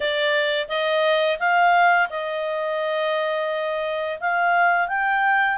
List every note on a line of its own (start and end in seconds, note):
0.00 0.67 D5
0.68 1.38 D#5
1.39 2.08 F5
2.09 4.19 D#5
4.20 4.87 F5
4.87 5.57 G5